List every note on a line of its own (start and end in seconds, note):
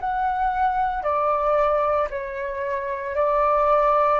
0.00 1.03 F#5
1.03 2.08 D5
2.11 3.15 C#5
3.15 4.20 D5